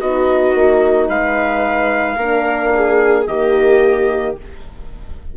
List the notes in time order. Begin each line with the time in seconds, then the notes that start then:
0.00 B3 D#4 F#4 D#5
0.54 A#3
1.09 G#3 B4 F5
2.16 A#3 D4 A#4
2.75 G#4
3.27 D#3 A#3 G4 D#5